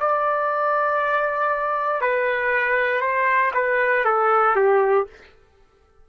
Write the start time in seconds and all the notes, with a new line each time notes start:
0.00 D5
2.01 B4
3.00 C5
3.54 B4
4.05 A4
4.56 G4